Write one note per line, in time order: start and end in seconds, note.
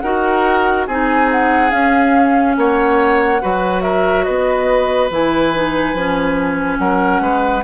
0.00 0.87 D#4
0.00 0.88 F#4
0.00 0.87 A#4
0.00 0.85 F#5
0.87 1.72 C4
0.87 1.70 D#4
0.87 2.56 G#4
0.87 1.30 G#5
1.32 1.70 F#5
1.70 3.39 C#4
1.70 2.57 C#4
1.70 2.55 F5
2.57 3.41 A#3
2.57 3.42 C#5
2.57 3.82 F#5
3.41 4.27 F#3
3.41 5.10 F#4
3.41 3.83 B4
3.82 4.25 A#4
3.82 4.24 E5
4.24 5.10 B3
4.24 6.78 B4
4.24 5.08 D#5
5.10 5.93 E3
5.10 5.53 E4
5.10 6.79 G#5
5.54 5.96 D#4
5.93 6.78 F3
5.93 7.63 C#4
6.79 7.20 F#3
6.79 7.22 A#4
6.79 7.63 F#5
7.20 7.63 G#3
7.20 7.63 B4